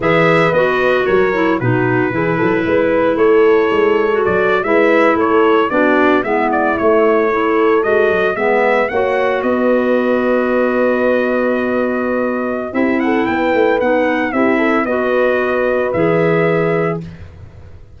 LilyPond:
<<
  \new Staff \with { instrumentName = "trumpet" } { \time 4/4 \tempo 4 = 113 e''4 dis''4 cis''4 b'4~ | b'2 cis''2 | d''8. e''4 cis''4 d''4 e''16~ | e''16 d''8 cis''2 dis''4 e''16~ |
e''8. fis''4 dis''2~ dis''16~ | dis''1 | e''8 fis''8 g''4 fis''4 e''4 | dis''2 e''2 | }
  \new Staff \with { instrumentName = "horn" } { \time 4/4 b'2 ais'4 fis'4 | gis'8 a'8 b'4 a'2~ | a'8. b'4 a'4 fis'4 e'16~ | e'4.~ e'16 a'2 b'16~ |
b'8. cis''4 b'2~ b'16~ | b'1 | g'8 a'8 b'2 g'8 a'8 | b'1 | }
  \new Staff \with { instrumentName = "clarinet" } { \time 4/4 gis'4 fis'4. e'8 dis'4 | e'2.~ e'8. fis'16~ | fis'8. e'2 d'4 b16~ | b8. a4 e'4 fis'4 b16~ |
b8. fis'2.~ fis'16~ | fis'1 | e'2 dis'4 e'4 | fis'2 gis'2 | }
  \new Staff \with { instrumentName = "tuba" } { \time 4/4 e4 b4 fis4 b,4 | e8 fis8 gis4 a4 gis4 | fis8. gis4 a4 b4 gis16~ | gis8. a2 gis8 fis8 gis16~ |
gis8. ais4 b2~ b16~ | b1 | c'4 b8 a8 b4 c'4 | b2 e2 | }
>>